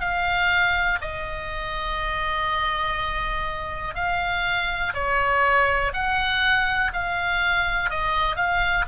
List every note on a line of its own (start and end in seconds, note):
0.00 0.98 F5
1.01 3.95 D#5
3.95 4.93 F5
4.94 5.92 C#5
5.93 6.91 F#5
6.93 7.90 F5
7.90 8.36 D#5
8.36 8.85 F5